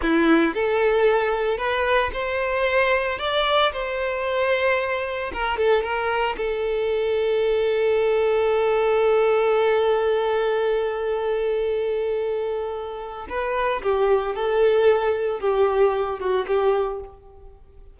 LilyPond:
\new Staff \with { instrumentName = "violin" } { \time 4/4 \tempo 4 = 113 e'4 a'2 b'4 | c''2 d''4 c''4~ | c''2 ais'8 a'8 ais'4 | a'1~ |
a'1~ | a'1~ | a'4 b'4 g'4 a'4~ | a'4 g'4. fis'8 g'4 | }